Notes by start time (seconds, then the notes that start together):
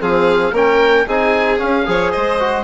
0.00 F3 C4 G#4 F5
0.52 A#3 C#4 A#4 G5
1.07 C4 D#4 G#4 G#5
1.58 C#4 F5
1.85 F3 G#4 C#5
2.11 G#3 C5 D#5
2.39 F#4